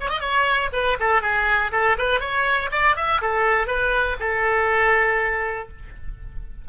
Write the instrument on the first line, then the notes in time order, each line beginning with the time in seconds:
oboe
0.00 C#5
0.09 D#5
0.20 C#5
0.72 B4
1.00 A4
1.22 G#4
1.72 A4
1.98 B4
2.20 C#5
2.71 D5
2.96 E5
3.21 A4
3.67 B4
4.20 A4